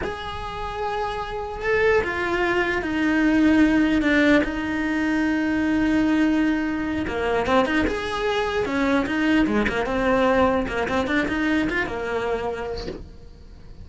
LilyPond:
\new Staff \with { instrumentName = "cello" } { \time 4/4 \tempo 4 = 149 gis'1 | a'4 f'2 dis'4~ | dis'2 d'4 dis'4~ | dis'1~ |
dis'4. ais4 c'8 dis'8 gis'8~ | gis'4. cis'4 dis'4 gis8 | ais8 c'2 ais8 c'8 d'8 | dis'4 f'8 ais2~ ais8 | }